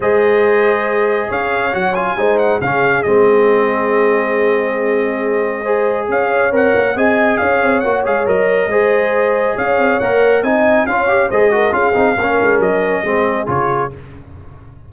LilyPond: <<
  \new Staff \with { instrumentName = "trumpet" } { \time 4/4 \tempo 4 = 138 dis''2. f''4 | fis''8 gis''4 fis''8 f''4 dis''4~ | dis''1~ | dis''2 f''4 fis''4 |
gis''4 f''4 fis''8 f''8 dis''4~ | dis''2 f''4 fis''4 | gis''4 f''4 dis''4 f''4~ | f''4 dis''2 cis''4 | }
  \new Staff \with { instrumentName = "horn" } { \time 4/4 c''2. cis''4~ | cis''4 c''4 gis'2~ | gis'1~ | gis'4 c''4 cis''2 |
dis''4 cis''2. | c''2 cis''2 | dis''4 cis''4 c''8 ais'8 gis'4 | ais'2 gis'2 | }
  \new Staff \with { instrumentName = "trombone" } { \time 4/4 gis'1 | fis'8 f'8 dis'4 cis'4 c'4~ | c'1~ | c'4 gis'2 ais'4 |
gis'2 fis'8 gis'8 ais'4 | gis'2. ais'4 | dis'4 f'8 g'8 gis'8 fis'8 f'8 dis'8 | cis'2 c'4 f'4 | }
  \new Staff \with { instrumentName = "tuba" } { \time 4/4 gis2. cis'4 | fis4 gis4 cis4 gis4~ | gis1~ | gis2 cis'4 c'8 ais8 |
c'4 cis'8 c'8 ais8 gis8 fis4 | gis2 cis'8 c'8 ais4 | c'4 cis'4 gis4 cis'8 c'8 | ais8 gis8 fis4 gis4 cis4 | }
>>